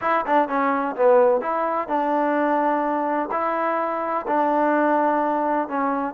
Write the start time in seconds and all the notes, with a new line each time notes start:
0.01 E4
0.26 D4
0.48 C#4
0.96 B3
1.41 E4
1.88 D4
3.31 E4
4.27 D4
5.68 C#4